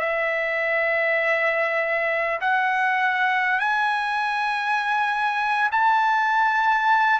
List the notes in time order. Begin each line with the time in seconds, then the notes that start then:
0.00 E5
2.41 F#5
3.60 G#5
5.72 A5